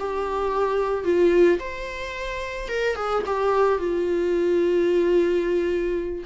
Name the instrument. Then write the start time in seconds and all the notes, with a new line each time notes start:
viola
0.00 G4
1.05 F4
1.60 C5
2.69 A#4
2.96 G#4
3.26 G4
3.79 F4